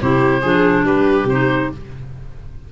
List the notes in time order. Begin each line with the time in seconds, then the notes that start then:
0.00 C3 E4 G4 C5
0.41 F3 D4 G#4
0.84 G3 G4 B4
1.24 C3 D#4 C5